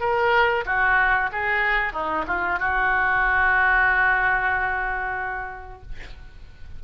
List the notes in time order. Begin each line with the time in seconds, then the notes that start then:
0.00 A#4
0.66 F#4
1.32 G#4
1.93 D#4
2.27 F4
2.59 F#4